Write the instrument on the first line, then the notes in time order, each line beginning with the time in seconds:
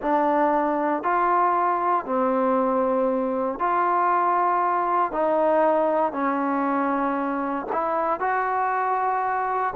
trombone
0.02 D4
1.03 F4
2.05 C4
3.59 F4
5.11 D#4
6.12 C#4
7.72 E4
8.20 F#4